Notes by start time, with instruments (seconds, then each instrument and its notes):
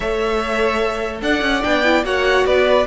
0.00 cello A3, viola A4, violin C#5 E5
1.21 cello D4, violin D5 F#5
1.41 cello C#4
1.61 cello B3, viola D4, violin G5
1.84 viola E4
2.04 cello A#3, viola F#4, violin C#5 F#5
2.45 cello B3, violin B4 D5